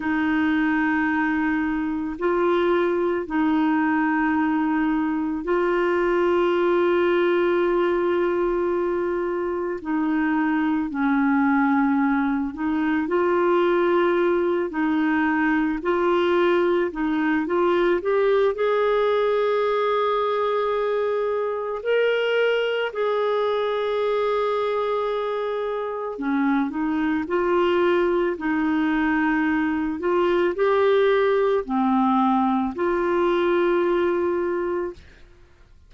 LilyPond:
\new Staff \with { instrumentName = "clarinet" } { \time 4/4 \tempo 4 = 55 dis'2 f'4 dis'4~ | dis'4 f'2.~ | f'4 dis'4 cis'4. dis'8 | f'4. dis'4 f'4 dis'8 |
f'8 g'8 gis'2. | ais'4 gis'2. | cis'8 dis'8 f'4 dis'4. f'8 | g'4 c'4 f'2 | }